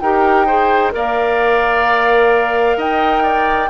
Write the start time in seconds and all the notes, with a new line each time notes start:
0.00 D#4 G4 A#4 G5
0.47 G#4 C5
0.92 A#3 A#4 D5 F5
2.77 D#4 D#5 G5
3.24 D5